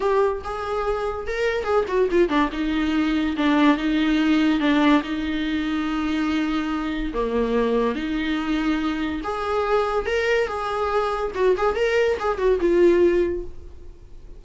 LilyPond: \new Staff \with { instrumentName = "viola" } { \time 4/4 \tempo 4 = 143 g'4 gis'2 ais'4 | gis'8 fis'8 f'8 d'8 dis'2 | d'4 dis'2 d'4 | dis'1~ |
dis'4 ais2 dis'4~ | dis'2 gis'2 | ais'4 gis'2 fis'8 gis'8 | ais'4 gis'8 fis'8 f'2 | }